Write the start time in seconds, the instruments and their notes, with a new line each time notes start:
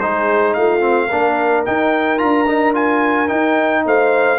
0.00 tuba G#3, trombone D#4, horn G#4, trumpet C5
0.54 tuba A3, horn F4, trumpet F5
0.80 trombone C4
1.07 tuba A#3, trombone D4, horn A#4
1.65 trombone D#4, tuba D#4, trumpet G5
2.18 tuba D4, trombone F4, trumpet A#5
2.47 trombone D#4
2.74 trombone F4, trumpet G#5
3.28 trombone D#4, tuba D#4, trumpet G5
3.86 tuba A3, horn C5, trumpet F5